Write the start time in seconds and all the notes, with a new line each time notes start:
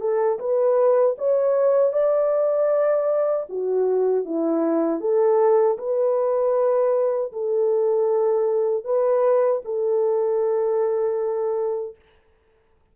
0.00 A4
0.39 B4
1.18 C#5
1.92 D5
3.49 F#4
4.25 E4
5.00 A4
5.78 B4
7.32 A4
8.84 B4
9.65 A4